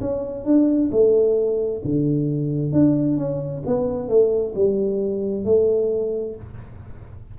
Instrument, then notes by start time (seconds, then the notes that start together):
tuba
0.00 C#4
0.44 D4
0.91 A3
1.85 D3
2.72 D4
3.17 C#4
3.66 B3
4.08 A3
4.55 G3
5.44 A3